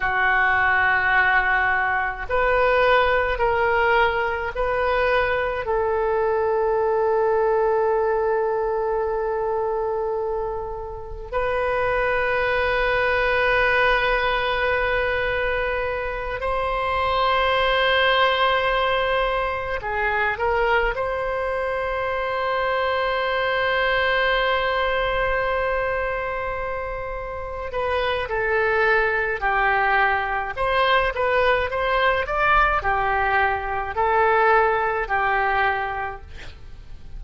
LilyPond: \new Staff \with { instrumentName = "oboe" } { \time 4/4 \tempo 4 = 53 fis'2 b'4 ais'4 | b'4 a'2.~ | a'2 b'2~ | b'2~ b'8 c''4.~ |
c''4. gis'8 ais'8 c''4.~ | c''1~ | c''8 b'8 a'4 g'4 c''8 b'8 | c''8 d''8 g'4 a'4 g'4 | }